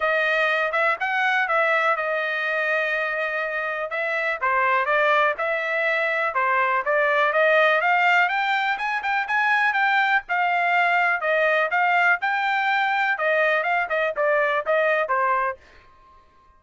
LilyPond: \new Staff \with { instrumentName = "trumpet" } { \time 4/4 \tempo 4 = 123 dis''4. e''8 fis''4 e''4 | dis''1 | e''4 c''4 d''4 e''4~ | e''4 c''4 d''4 dis''4 |
f''4 g''4 gis''8 g''8 gis''4 | g''4 f''2 dis''4 | f''4 g''2 dis''4 | f''8 dis''8 d''4 dis''4 c''4 | }